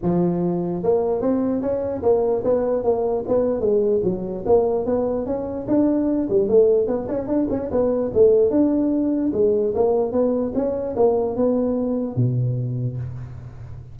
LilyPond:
\new Staff \with { instrumentName = "tuba" } { \time 4/4 \tempo 4 = 148 f2 ais4 c'4 | cis'4 ais4 b4 ais4 | b4 gis4 fis4 ais4 | b4 cis'4 d'4. g8 |
a4 b8 cis'8 d'8 cis'8 b4 | a4 d'2 gis4 | ais4 b4 cis'4 ais4 | b2 b,2 | }